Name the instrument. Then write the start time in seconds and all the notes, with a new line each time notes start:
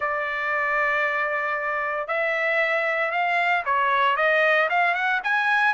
trumpet
0.00 D5
2.07 E5
3.11 F5
3.65 C#5
4.16 D#5
4.69 F5
4.94 F#5
5.23 G#5